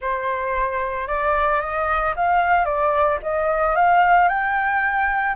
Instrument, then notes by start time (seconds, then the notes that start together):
flute
0.01 C5
1.07 D5
1.60 D#5
2.16 F5
2.65 D5
3.22 D#5
3.75 F5
4.28 G5